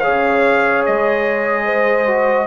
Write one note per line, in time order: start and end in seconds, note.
0.00 2.07 G#4
0.00 1.64 C#5
0.00 0.83 F5
0.07 0.87 C#3
0.86 2.47 G#3
0.86 2.47 D#5
1.66 2.47 C5
2.07 2.47 F#4